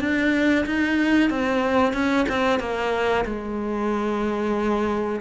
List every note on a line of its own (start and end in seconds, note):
0.00 0.65 D4
0.66 1.30 D#4
1.30 1.93 C4
1.93 2.26 C#4
2.29 2.60 C4
2.60 3.25 A#3
3.25 5.21 G#3